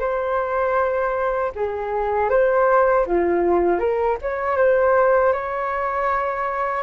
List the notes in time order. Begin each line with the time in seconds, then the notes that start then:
0.00 C5
1.55 G#4
2.30 C5
3.07 F4
3.79 A#4
4.22 C#5
4.57 C5
5.33 C#5